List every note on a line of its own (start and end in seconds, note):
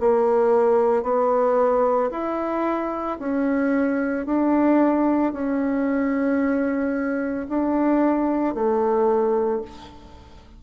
0.00 1.03 A#3
1.03 2.10 B3
2.11 3.19 E4
3.19 4.27 C#4
4.27 5.33 D4
5.33 7.47 C#4
7.49 8.55 D4
8.55 9.62 A3